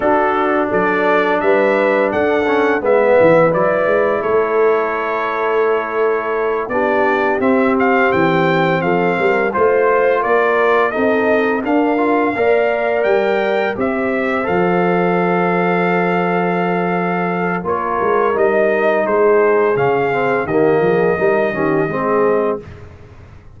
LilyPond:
<<
  \new Staff \with { instrumentName = "trumpet" } { \time 4/4 \tempo 4 = 85 a'4 d''4 e''4 fis''4 | e''4 d''4 cis''2~ | cis''4. d''4 e''8 f''8 g''8~ | g''8 f''4 c''4 d''4 dis''8~ |
dis''8 f''2 g''4 e''8~ | e''8 f''2.~ f''8~ | f''4 cis''4 dis''4 c''4 | f''4 dis''2. | }
  \new Staff \with { instrumentName = "horn" } { \time 4/4 fis'4 a'4 b'4 a'4 | b'2 a'2~ | a'4. g'2~ g'8~ | g'8 a'8 ais'8 c''4 ais'4 a'8~ |
a'8 ais'4 d''2 c''8~ | c''1~ | c''4 ais'2 gis'4~ | gis'4 g'8 gis'8 ais'8 g'8 gis'4 | }
  \new Staff \with { instrumentName = "trombone" } { \time 4/4 d'2.~ d'8 cis'8 | b4 e'2.~ | e'4. d'4 c'4.~ | c'4. f'2 dis'8~ |
dis'8 d'8 f'8 ais'2 g'8~ | g'8 a'2.~ a'8~ | a'4 f'4 dis'2 | cis'8 c'8 ais4 dis'8 cis'8 c'4 | }
  \new Staff \with { instrumentName = "tuba" } { \time 4/4 d'4 fis4 g4 d'4 | gis8 e8 fis8 gis8 a2~ | a4. b4 c'4 e8~ | e8 f8 g8 a4 ais4 c'8~ |
c'8 d'4 ais4 g4 c'8~ | c'8 f2.~ f8~ | f4 ais8 gis8 g4 gis4 | cis4 dis8 f8 g8 dis8 gis4 | }
>>